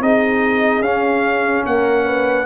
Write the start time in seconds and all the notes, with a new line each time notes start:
0.00 C4 D#4 G#4 D#5
0.80 C#4 F5
1.65 A#3 A#4 F#5
2.05 B4